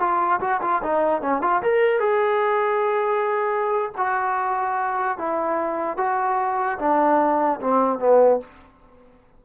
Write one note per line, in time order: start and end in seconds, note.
0.00 0.41 F4
0.41 0.61 F#4
0.62 0.82 F4
0.83 1.22 D#4
1.22 1.42 C#4
1.42 1.62 F4
1.63 2.00 A#4
2.00 3.93 G#4
3.98 5.18 F#4
5.18 5.98 E4
5.98 6.79 F#4
6.79 7.60 D4
7.61 8.00 C4
8.00 8.40 B3